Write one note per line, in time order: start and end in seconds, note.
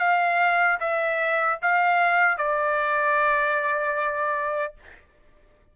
0.00 0.79 F5
0.80 1.59 E5
1.62 2.38 F5
2.38 4.75 D5